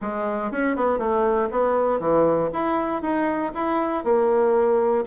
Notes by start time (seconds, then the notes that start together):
0.01 G#3
0.51 C#4
0.76 B3
0.98 A3
1.51 B3
1.99 E3
2.53 E4
3.01 D#4
3.54 E4
4.04 A#3